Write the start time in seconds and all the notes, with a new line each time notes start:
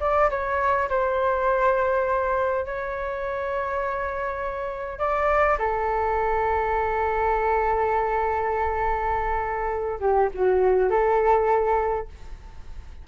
0.00 D5
0.30 C#5
0.89 C5
2.65 C#5
4.99 D5
5.59 A4
10.00 G4
10.34 F#4
10.90 A4